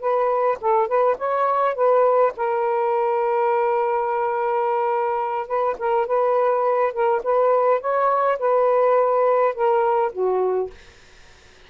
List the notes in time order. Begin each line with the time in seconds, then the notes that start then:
0.00 B4
0.61 A4
0.87 B4
1.17 C#5
1.75 B4
2.36 A#4
5.47 B4
5.78 A#4
6.06 B4
6.93 A#4
7.23 B4
7.80 C#5
8.39 B4
9.54 A#4
10.12 F#4